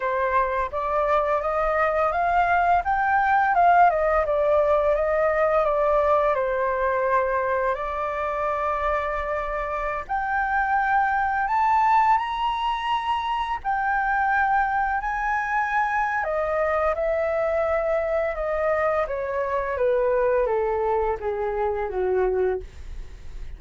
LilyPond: \new Staff \with { instrumentName = "flute" } { \time 4/4 \tempo 4 = 85 c''4 d''4 dis''4 f''4 | g''4 f''8 dis''8 d''4 dis''4 | d''4 c''2 d''4~ | d''2~ d''16 g''4.~ g''16~ |
g''16 a''4 ais''2 g''8.~ | g''4~ g''16 gis''4.~ gis''16 dis''4 | e''2 dis''4 cis''4 | b'4 a'4 gis'4 fis'4 | }